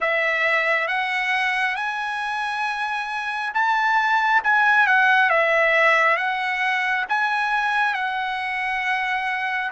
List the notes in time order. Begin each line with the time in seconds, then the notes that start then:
0.00 E5
0.87 F#5
1.75 G#5
3.54 A5
4.44 G#5
4.86 F#5
5.29 E5
6.16 F#5
7.08 G#5
7.94 F#5